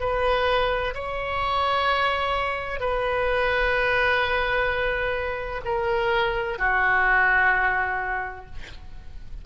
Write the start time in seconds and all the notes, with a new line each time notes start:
0.00 B4
0.94 C#5
2.80 B4
5.65 A#4
6.58 F#4